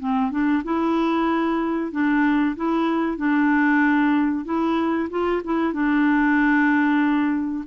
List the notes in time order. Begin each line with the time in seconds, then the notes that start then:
0.00 C4
0.32 D4
0.64 E4
1.92 D4
2.56 E4
3.18 D4
4.45 E4
5.11 F4
5.44 E4
5.74 D4